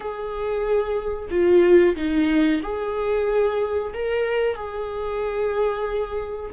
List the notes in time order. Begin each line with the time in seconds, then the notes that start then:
0.00 G#4
1.30 F4
1.96 D#4
2.62 G#4
3.93 A#4
4.55 G#4